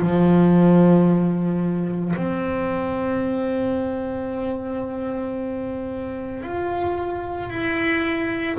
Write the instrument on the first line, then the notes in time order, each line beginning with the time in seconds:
double bass
0.00 F3
2.16 C4
6.43 F4
7.50 E4